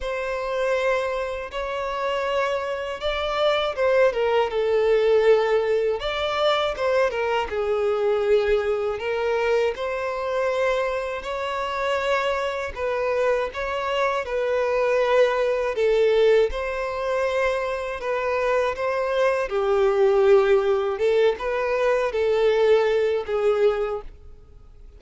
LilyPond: \new Staff \with { instrumentName = "violin" } { \time 4/4 \tempo 4 = 80 c''2 cis''2 | d''4 c''8 ais'8 a'2 | d''4 c''8 ais'8 gis'2 | ais'4 c''2 cis''4~ |
cis''4 b'4 cis''4 b'4~ | b'4 a'4 c''2 | b'4 c''4 g'2 | a'8 b'4 a'4. gis'4 | }